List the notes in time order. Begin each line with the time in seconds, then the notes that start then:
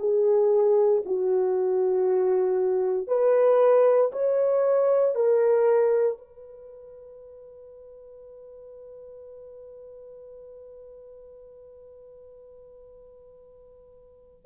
0.00 G#4
1.06 F#4
3.08 B4
4.13 C#5
5.15 A#4
6.18 B4